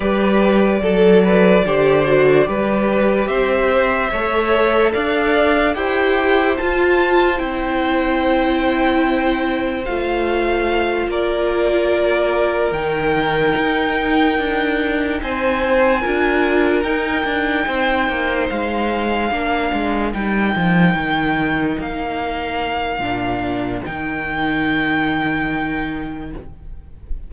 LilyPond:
<<
  \new Staff \with { instrumentName = "violin" } { \time 4/4 \tempo 4 = 73 d''1 | e''2 f''4 g''4 | a''4 g''2. | f''4. d''2 g''8~ |
g''2~ g''8 gis''4.~ | gis''8 g''2 f''4.~ | f''8 g''2 f''4.~ | f''4 g''2. | }
  \new Staff \with { instrumentName = "violin" } { \time 4/4 b'4 a'8 b'8 c''4 b'4 | c''4 cis''4 d''4 c''4~ | c''1~ | c''4. ais'2~ ais'8~ |
ais'2~ ais'8 c''4 ais'8~ | ais'4. c''2 ais'8~ | ais'1~ | ais'1 | }
  \new Staff \with { instrumentName = "viola" } { \time 4/4 g'4 a'4 g'8 fis'8 g'4~ | g'4 a'2 g'4 | f'4 e'2. | f'2.~ f'8 dis'8~ |
dis'2.~ dis'8 f'8~ | f'8 dis'2. d'8~ | d'8 dis'2.~ dis'8 | d'4 dis'2. | }
  \new Staff \with { instrumentName = "cello" } { \time 4/4 g4 fis4 d4 g4 | c'4 a4 d'4 e'4 | f'4 c'2. | a4. ais2 dis8~ |
dis8 dis'4 d'4 c'4 d'8~ | d'8 dis'8 d'8 c'8 ais8 gis4 ais8 | gis8 g8 f8 dis4 ais4. | ais,4 dis2. | }
>>